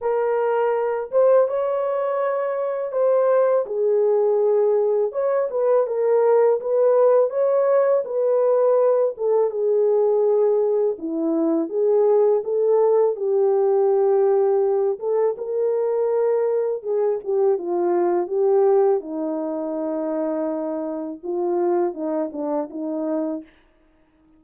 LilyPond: \new Staff \with { instrumentName = "horn" } { \time 4/4 \tempo 4 = 82 ais'4. c''8 cis''2 | c''4 gis'2 cis''8 b'8 | ais'4 b'4 cis''4 b'4~ | b'8 a'8 gis'2 e'4 |
gis'4 a'4 g'2~ | g'8 a'8 ais'2 gis'8 g'8 | f'4 g'4 dis'2~ | dis'4 f'4 dis'8 d'8 dis'4 | }